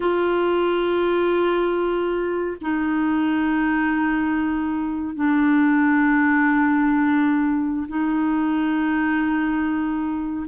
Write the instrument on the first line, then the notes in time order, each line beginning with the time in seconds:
clarinet
0.00 F4
2.61 D#4
5.15 D4
7.87 D#4